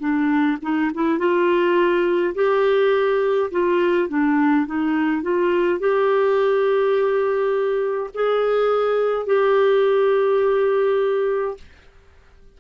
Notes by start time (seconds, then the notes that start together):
0.00 D4
0.62 D#4
0.94 E4
1.19 F4
2.35 G4
3.51 F4
4.09 D4
4.66 D#4
5.23 F4
5.80 G4
8.15 G#4
9.27 G4